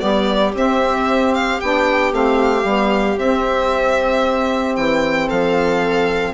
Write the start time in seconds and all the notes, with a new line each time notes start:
0.00 G3 B3 G4 D5
0.54 C4 E5
1.35 F5
1.60 B3 D4 G5
2.12 A3 C4 F5
2.64 G3 B3
3.18 C4 E5
4.76 E3 G5
5.28 F3 A4 F5